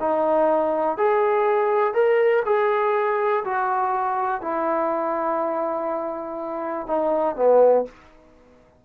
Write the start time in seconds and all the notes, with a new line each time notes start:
0.00 D#4
0.97 G#4
1.94 A#4
2.45 G#4
3.45 F#4
4.42 E4
6.87 D#4
7.36 B3